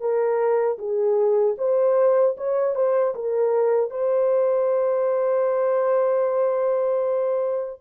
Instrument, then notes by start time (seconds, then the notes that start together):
horn
0.00 A#4
0.79 G#4
1.58 C5
2.37 C#5
2.76 C5
3.15 A#4
3.91 C5